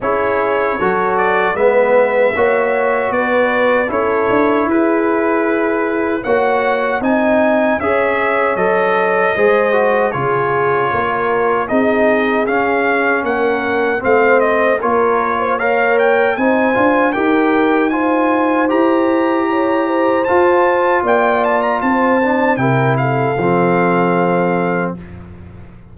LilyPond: <<
  \new Staff \with { instrumentName = "trumpet" } { \time 4/4 \tempo 4 = 77 cis''4. d''8 e''2 | d''4 cis''4 b'2 | fis''4 gis''4 e''4 dis''4~ | dis''4 cis''2 dis''4 |
f''4 fis''4 f''8 dis''8 cis''4 | f''8 g''8 gis''4 g''4 gis''4 | ais''2 a''4 g''8 a''16 ais''16 | a''4 g''8 f''2~ f''8 | }
  \new Staff \with { instrumentName = "horn" } { \time 4/4 gis'4 a'4 b'4 cis''4 | b'4 a'4 gis'2 | cis''4 dis''4 cis''2 | c''4 gis'4 ais'4 gis'4~ |
gis'4 ais'4 c''4 ais'8. c''16 | cis''4 c''4 ais'4 c''4~ | c''4 cis''8 c''4. d''4 | c''4 ais'8 a'2~ a'8 | }
  \new Staff \with { instrumentName = "trombone" } { \time 4/4 e'4 fis'4 b4 fis'4~ | fis'4 e'2. | fis'4 dis'4 gis'4 a'4 | gis'8 fis'8 f'2 dis'4 |
cis'2 c'4 f'4 | ais'4 dis'8 f'8 g'4 f'4 | g'2 f'2~ | f'8 d'8 e'4 c'2 | }
  \new Staff \with { instrumentName = "tuba" } { \time 4/4 cis'4 fis4 gis4 ais4 | b4 cis'8 d'8 e'2 | ais4 c'4 cis'4 fis4 | gis4 cis4 ais4 c'4 |
cis'4 ais4 a4 ais4~ | ais4 c'8 d'8 dis'2 | e'2 f'4 ais4 | c'4 c4 f2 | }
>>